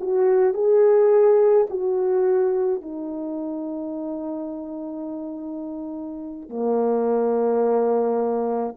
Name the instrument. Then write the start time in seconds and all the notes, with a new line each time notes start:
horn
0.00 F#4
0.54 G#4
1.69 F#4
2.81 D#4
6.49 A#3